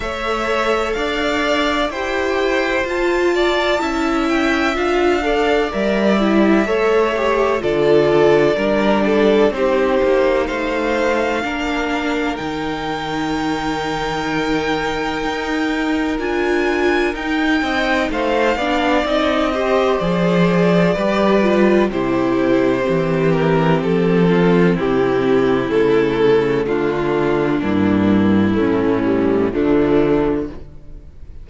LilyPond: <<
  \new Staff \with { instrumentName = "violin" } { \time 4/4 \tempo 4 = 63 e''4 f''4 g''4 a''4~ | a''8 g''8 f''4 e''2 | d''2 c''4 f''4~ | f''4 g''2.~ |
g''4 gis''4 g''4 f''4 | dis''4 d''2 c''4~ | c''8 ais'8 a'4 g'4 a'4 | f'4 e'2 d'4 | }
  \new Staff \with { instrumentName = "violin" } { \time 4/4 cis''4 d''4 c''4. d''8 | e''4. d''4. cis''4 | a'4 ais'8 a'8 g'4 c''4 | ais'1~ |
ais'2~ ais'8 dis''8 c''8 d''8~ | d''8 c''4. b'4 g'4~ | g'4. f'8 e'2 | d'2 cis'4 a4 | }
  \new Staff \with { instrumentName = "viola" } { \time 4/4 a'2 g'4 f'4 | e'4 f'8 a'8 ais'8 e'8 a'8 g'8 | f'4 d'4 dis'2 | d'4 dis'2.~ |
dis'4 f'4 dis'4. d'8 | dis'8 g'8 gis'4 g'8 f'8 e'4 | c'2. a4~ | a4 ais4 a8 g8 f4 | }
  \new Staff \with { instrumentName = "cello" } { \time 4/4 a4 d'4 e'4 f'4 | cis'4 d'4 g4 a4 | d4 g4 c'8 ais8 a4 | ais4 dis2. |
dis'4 d'4 dis'8 c'8 a8 b8 | c'4 f4 g4 c4 | e4 f4 c4 cis4 | d4 g,4 a,4 d4 | }
>>